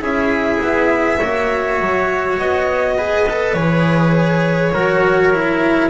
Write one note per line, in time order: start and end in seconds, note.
0.00 0.59 C#4
0.00 1.19 E4
0.00 1.18 G#4
0.00 2.38 E5
0.61 1.20 B3
1.18 1.81 A#3
1.18 2.98 F#4
1.18 2.95 C#5
1.81 2.38 F#3
2.38 3.53 B3
2.38 3.53 D#5
2.97 3.27 G#4
2.97 4.73 B4
3.29 3.56 A4
3.53 4.71 E3
3.53 4.74 G#4
3.53 5.88 C#5
4.72 5.90 F#3
4.72 5.33 F#4
4.72 5.90 A#4
5.33 5.90 E4